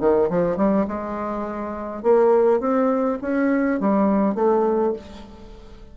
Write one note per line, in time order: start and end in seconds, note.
0.00 0.29 D#3
0.29 0.57 F3
0.57 0.86 G3
0.88 2.03 G#3
2.03 2.60 A#3
2.60 3.18 C4
3.21 3.80 C#4
3.80 4.35 G3
4.35 4.93 A3